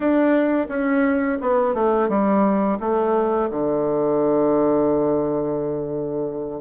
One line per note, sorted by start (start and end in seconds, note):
0.00 0.67 D4
0.68 1.38 C#4
1.41 1.74 B3
1.74 2.08 A3
2.08 2.78 G3
2.80 3.49 A3
3.50 6.61 D3